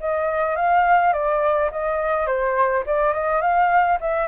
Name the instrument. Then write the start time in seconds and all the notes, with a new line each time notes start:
flute
0.00 D#5
0.56 F5
1.12 D5
1.71 D#5
2.26 C5
2.86 D5
3.13 D#5
3.41 F5
4.00 E5